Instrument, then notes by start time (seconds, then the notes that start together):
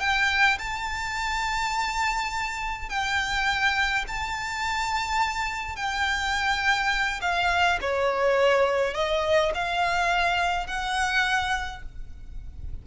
violin
0.00 G5
0.58 A5
2.89 G5
4.07 A5
5.76 G5
7.21 F5
7.81 C#5
8.94 D#5
9.54 F5
10.67 F#5